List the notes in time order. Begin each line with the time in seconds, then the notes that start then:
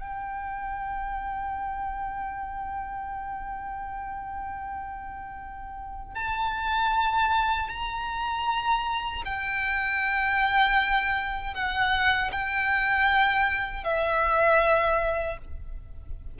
0.00 G5
6.15 A5
7.69 A#5
9.25 G5
11.54 F#5
12.32 G5
13.84 E5